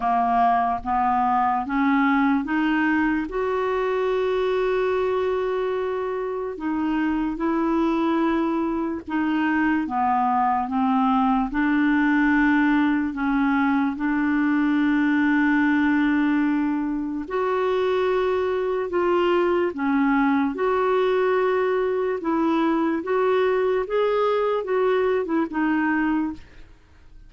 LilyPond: \new Staff \with { instrumentName = "clarinet" } { \time 4/4 \tempo 4 = 73 ais4 b4 cis'4 dis'4 | fis'1 | dis'4 e'2 dis'4 | b4 c'4 d'2 |
cis'4 d'2.~ | d'4 fis'2 f'4 | cis'4 fis'2 e'4 | fis'4 gis'4 fis'8. e'16 dis'4 | }